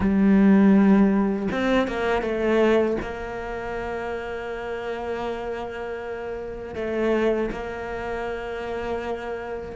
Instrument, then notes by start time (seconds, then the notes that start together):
cello
0.00 G3
1.51 C4
1.88 A#3
2.22 A3
3.01 A#3
6.75 A3
7.51 A#3